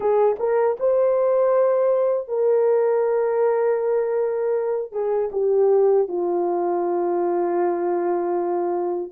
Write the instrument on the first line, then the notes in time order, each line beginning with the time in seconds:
horn
0.00 G#4
0.39 A#4
0.79 C5
2.28 A#4
4.92 G#4
5.32 G4
6.08 F4